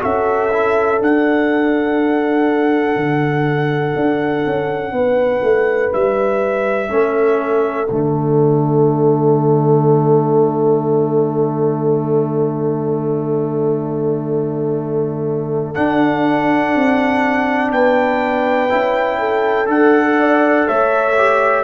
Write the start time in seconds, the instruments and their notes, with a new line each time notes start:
0.00 tuba C#4, trombone F#4, horn A4, trumpet E5
0.52 trombone E4
0.98 trombone D4, tuba D4, trumpet F#5
2.96 tuba D3
3.95 tuba D4
4.46 tuba C#4
4.92 tuba B3, horn B4
5.42 tuba A3
5.93 tuba G3, trumpet E5
6.88 tuba A3, trombone C#4, horn A4
7.89 tuba D3, trombone A3, trumpet D5
15.74 trombone D4, tuba D4, trumpet F#5
16.75 tuba C4
17.72 tuba B3, horn B4, trumpet G5
18.69 tuba C#4, trombone E4
19.19 horn A4
19.66 tuba D4, trombone A4, trumpet F#5
20.19 horn D5
20.68 tuba A3, horn C#5, trumpet E5
21.18 trombone G4